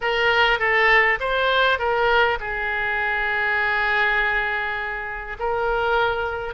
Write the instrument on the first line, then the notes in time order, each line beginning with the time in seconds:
oboe
0.01 A#4
0.59 A4
1.20 C5
1.78 A#4
2.40 G#4
5.39 A#4